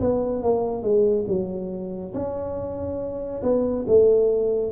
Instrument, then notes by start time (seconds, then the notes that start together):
tuba
0.00 B3
0.42 A#3
0.83 G#3
1.28 F#3
2.14 C#4
3.42 B3
3.88 A3